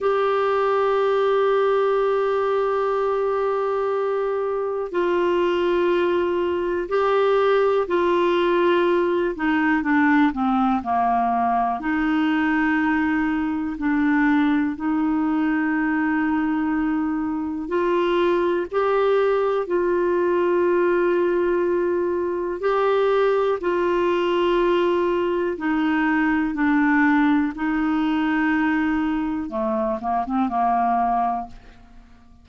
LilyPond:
\new Staff \with { instrumentName = "clarinet" } { \time 4/4 \tempo 4 = 61 g'1~ | g'4 f'2 g'4 | f'4. dis'8 d'8 c'8 ais4 | dis'2 d'4 dis'4~ |
dis'2 f'4 g'4 | f'2. g'4 | f'2 dis'4 d'4 | dis'2 a8 ais16 c'16 ais4 | }